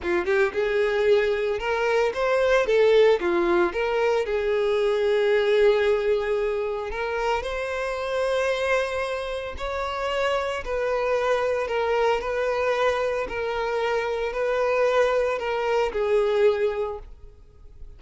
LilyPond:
\new Staff \with { instrumentName = "violin" } { \time 4/4 \tempo 4 = 113 f'8 g'8 gis'2 ais'4 | c''4 a'4 f'4 ais'4 | gis'1~ | gis'4 ais'4 c''2~ |
c''2 cis''2 | b'2 ais'4 b'4~ | b'4 ais'2 b'4~ | b'4 ais'4 gis'2 | }